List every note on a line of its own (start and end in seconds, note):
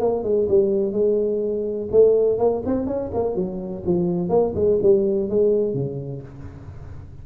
0.00 0.23 A#3
0.23 0.47 G#3
0.49 0.92 G3
0.92 1.88 G#3
1.91 2.38 A3
2.38 2.62 A#3
2.66 2.87 C4
2.87 3.11 C#4
3.14 3.36 A#3
3.36 3.84 F#3
3.86 4.29 F3
4.29 4.53 A#3
4.55 4.79 G#3
4.82 5.30 G3
5.30 5.74 G#3
5.74 6.22 C#3